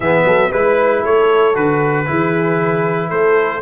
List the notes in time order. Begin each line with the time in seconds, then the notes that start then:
0.00 E3 B3 G#4 E5
0.24 F#3 A4
0.50 G#3 E4 B4
1.02 A3 A4 C#5
1.54 D3 F#4 B4
2.06 E3 E4 G#4
3.08 A3 A4 C5